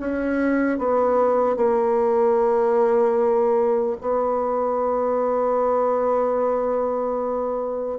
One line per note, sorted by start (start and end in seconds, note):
0.00 0.79 C#4
0.79 1.57 B3
1.57 3.97 A#3
4.01 7.99 B3